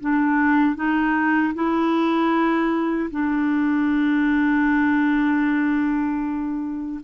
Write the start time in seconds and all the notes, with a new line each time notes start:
0.00 D4
0.75 D#4
1.54 E4
3.10 D4